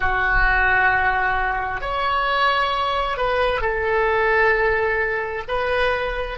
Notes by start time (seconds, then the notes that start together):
0.00 F#4
1.81 C#5
3.17 B4
3.61 A4
5.48 B4